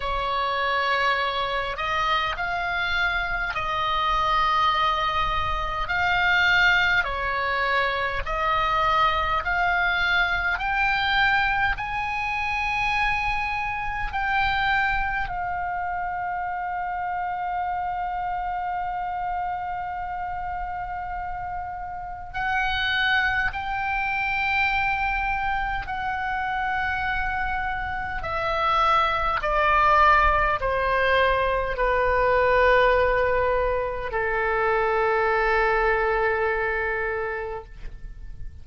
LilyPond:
\new Staff \with { instrumentName = "oboe" } { \time 4/4 \tempo 4 = 51 cis''4. dis''8 f''4 dis''4~ | dis''4 f''4 cis''4 dis''4 | f''4 g''4 gis''2 | g''4 f''2.~ |
f''2. fis''4 | g''2 fis''2 | e''4 d''4 c''4 b'4~ | b'4 a'2. | }